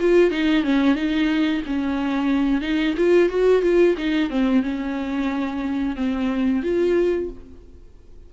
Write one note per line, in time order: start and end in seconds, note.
0.00 0.31 F4
0.31 0.64 D#4
0.64 0.95 C#4
0.95 1.62 D#4
1.66 2.61 C#4
2.61 2.95 D#4
2.97 3.29 F4
3.29 3.62 F#4
3.62 3.96 F4
3.98 4.30 D#4
4.30 4.63 C4
4.63 5.96 C#4
5.96 6.63 C4
6.63 7.29 F4